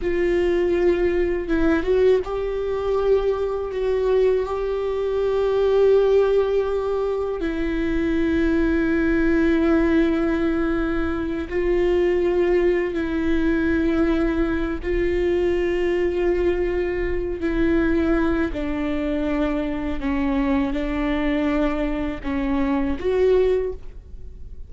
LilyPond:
\new Staff \with { instrumentName = "viola" } { \time 4/4 \tempo 4 = 81 f'2 e'8 fis'8 g'4~ | g'4 fis'4 g'2~ | g'2 e'2~ | e'2.~ e'8 f'8~ |
f'4. e'2~ e'8 | f'2.~ f'8 e'8~ | e'4 d'2 cis'4 | d'2 cis'4 fis'4 | }